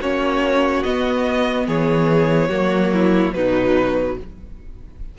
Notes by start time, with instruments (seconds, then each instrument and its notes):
0.00 cello A#3, viola C#4, violin F#4 C#5
0.83 cello B3, viola B3, violin D#5
1.66 cello E3, violin G#4 C#5
2.49 cello F#3, viola A#3, violin F#4
2.93 violin E4
3.34 cello B2, viola F#3, violin D#4 B4